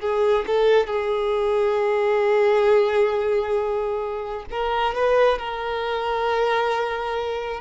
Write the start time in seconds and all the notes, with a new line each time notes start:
0.00 G#4
0.46 A4
0.86 G#4
4.50 A#4
4.94 B4
5.38 A#4